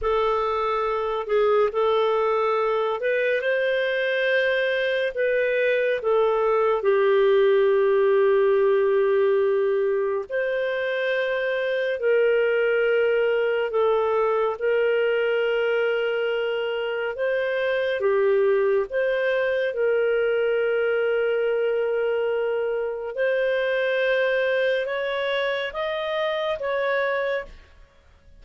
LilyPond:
\new Staff \with { instrumentName = "clarinet" } { \time 4/4 \tempo 4 = 70 a'4. gis'8 a'4. b'8 | c''2 b'4 a'4 | g'1 | c''2 ais'2 |
a'4 ais'2. | c''4 g'4 c''4 ais'4~ | ais'2. c''4~ | c''4 cis''4 dis''4 cis''4 | }